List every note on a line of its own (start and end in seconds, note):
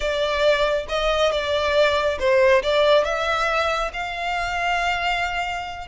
0.00 0.86 D5
0.88 1.31 D#5
1.31 2.18 D5
2.19 2.62 C5
2.62 3.04 D5
3.04 3.91 E5
3.93 5.87 F5